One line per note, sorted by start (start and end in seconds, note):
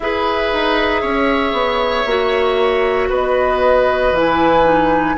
0.00 0.51 E4
0.00 2.07 G#4
0.00 1.01 B4
0.00 3.10 E5
0.52 1.03 D#4
1.01 1.52 C#4
1.01 3.08 C#5
1.52 2.04 B3
2.05 3.09 A#3
2.05 4.14 F#4
3.09 4.11 B3
3.09 5.16 B4
3.09 4.16 D#5
4.11 5.15 E3
4.11 4.64 E4
4.11 5.17 G#5
4.64 5.16 D#4